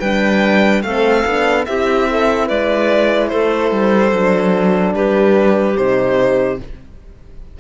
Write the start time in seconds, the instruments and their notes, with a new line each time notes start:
0.00 cello G3, horn D4, clarinet B4, violin G5
0.83 cello A3, horn C4, clarinet A4, violin F5
1.26 cello B3, horn D4
1.66 cello C4, horn E4, clarinet G4, violin E5
2.10 clarinet A4
2.47 cello G#3, clarinet B4, violin D5
3.29 cello A3, clarinet A4, violin C5
3.72 cello G3
4.13 cello F#3, horn D4
4.94 cello G3, clarinet G4, violin B4
5.77 cello C3, horn D#4, violin C5